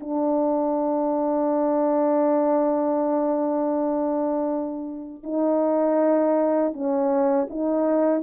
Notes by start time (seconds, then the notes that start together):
0.00 D4
5.23 D#4
6.73 C#4
7.50 D#4